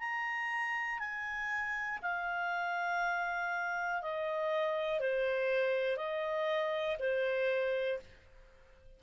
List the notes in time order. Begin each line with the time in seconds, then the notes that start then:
0.00 A#5
1.00 G#5
2.03 F5
4.03 D#5
5.00 C5
5.97 D#5
7.00 C5